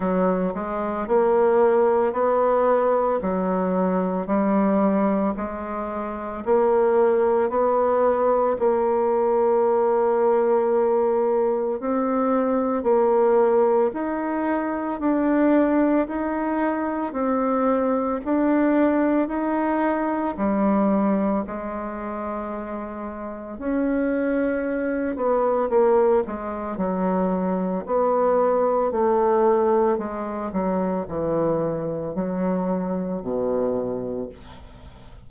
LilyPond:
\new Staff \with { instrumentName = "bassoon" } { \time 4/4 \tempo 4 = 56 fis8 gis8 ais4 b4 fis4 | g4 gis4 ais4 b4 | ais2. c'4 | ais4 dis'4 d'4 dis'4 |
c'4 d'4 dis'4 g4 | gis2 cis'4. b8 | ais8 gis8 fis4 b4 a4 | gis8 fis8 e4 fis4 b,4 | }